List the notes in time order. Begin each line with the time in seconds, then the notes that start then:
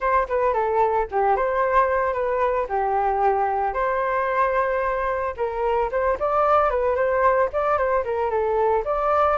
0.00 C5
0.28 B4
0.53 A4
1.11 G4
1.35 C5
2.13 B4
2.69 G4
3.73 C5
5.36 A#4
5.91 C5
6.19 D5
6.70 B4
6.95 C5
7.52 D5
7.77 C5
8.04 A#4
8.30 A4
8.84 D5